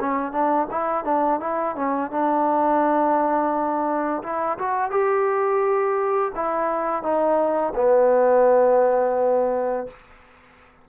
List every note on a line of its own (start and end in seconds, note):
0.00 0.32 C#4
0.32 0.67 D4
0.71 1.05 E4
1.05 1.40 D4
1.40 1.76 E4
1.76 2.11 C#4
2.11 4.23 D4
4.23 4.58 E4
4.59 4.91 F#4
4.91 6.32 G4
6.35 7.03 E4
7.03 7.74 D#4
7.76 9.87 B3